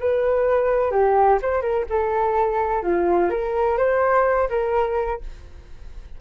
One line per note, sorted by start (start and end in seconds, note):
0.00 0.91 B4
0.91 1.39 G4
1.42 1.61 C5
1.61 1.85 A#4
1.89 2.83 A4
2.83 3.30 F4
3.30 3.77 A#4
3.77 4.49 C5
4.49 5.21 A#4